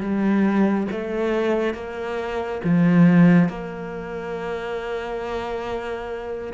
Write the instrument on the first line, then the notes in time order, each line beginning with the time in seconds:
cello
0.00 G3
0.91 A3
1.74 A#3
2.64 F3
3.49 A#3